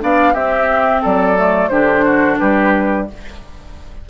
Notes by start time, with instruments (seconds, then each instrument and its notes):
0.00 bassoon B3, clarinet D4, oboe D5, flute F5
0.33 bassoon C4, clarinet C4, oboe G4, flute E5
1.02 bassoon F#3, oboe A4, flute D5
1.37 clarinet A3
1.68 bassoon D3, clarinet D4, oboe G4, flute C5
2.05 oboe F#4
2.39 bassoon G3, oboe G4, flute B4